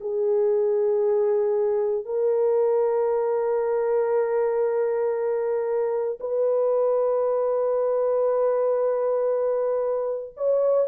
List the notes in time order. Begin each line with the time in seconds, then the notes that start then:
0.00 G#4
2.05 A#4
6.20 B4
10.37 C#5